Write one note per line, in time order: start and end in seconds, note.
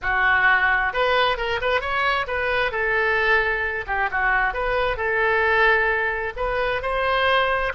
0.02 0.93 F#4
0.93 1.37 B4
1.37 1.60 A#4
1.61 1.80 B4
1.80 2.26 C#5
2.27 2.71 B4
2.71 3.85 A4
3.86 4.09 G4
4.11 4.53 F#4
4.53 4.96 B4
4.96 6.33 A4
6.36 6.81 B4
6.81 7.72 C5